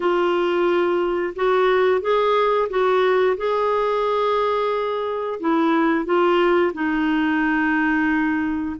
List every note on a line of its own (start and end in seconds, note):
0.00 1.34 F4
1.35 2.01 F#4
2.01 2.68 G#4
2.69 3.36 F#4
3.37 5.39 G#4
5.39 6.05 E4
6.05 6.72 F4
6.73 8.75 D#4